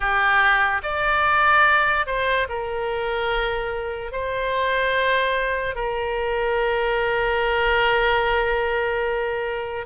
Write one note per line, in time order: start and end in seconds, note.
0.00 0.81 G4
0.83 2.06 D5
2.06 2.47 C5
2.48 4.12 A#4
4.12 5.75 C5
5.75 9.86 A#4